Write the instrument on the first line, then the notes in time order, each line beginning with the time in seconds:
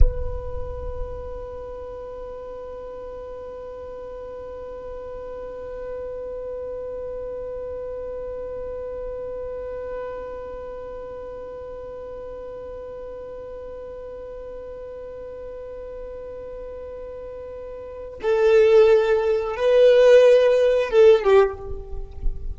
violin
0.00 B4
18.22 A4
19.56 B4
20.90 A4
21.23 G4